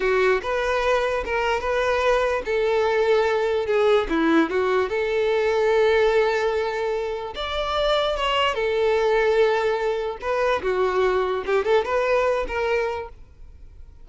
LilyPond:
\new Staff \with { instrumentName = "violin" } { \time 4/4 \tempo 4 = 147 fis'4 b'2 ais'4 | b'2 a'2~ | a'4 gis'4 e'4 fis'4 | a'1~ |
a'2 d''2 | cis''4 a'2.~ | a'4 b'4 fis'2 | g'8 a'8 b'4. ais'4. | }